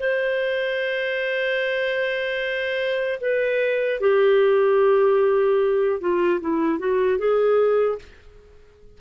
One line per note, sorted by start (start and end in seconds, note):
0.00 3.20 C5
3.21 4.01 B4
4.01 6.01 G4
6.01 6.41 F4
6.41 6.79 E4
6.79 7.19 F#4
7.19 7.99 G#4